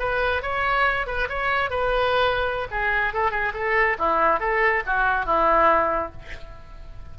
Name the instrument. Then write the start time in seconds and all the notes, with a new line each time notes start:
oboe
0.00 B4
0.42 C#5
1.07 B4
1.29 C#5
1.71 B4
2.71 G#4
3.14 A4
3.31 G#4
3.54 A4
3.99 E4
4.40 A4
4.87 F#4
5.26 E4